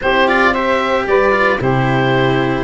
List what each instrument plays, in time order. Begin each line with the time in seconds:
0.01 tuba C4, cello E4, saxophone G4, oboe C5
0.27 cello F4, oboe D5
0.51 cello G4, saxophone C5, oboe E5
1.06 tuba G3, saxophone B4, oboe D5
1.32 cello F4
1.60 tuba C3, cello E4, saxophone G4, oboe C5